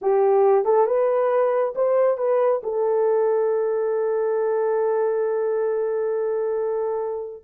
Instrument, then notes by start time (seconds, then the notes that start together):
horn
0.01 G4
0.64 A4
0.86 B4
1.75 C5
2.17 B4
2.63 A4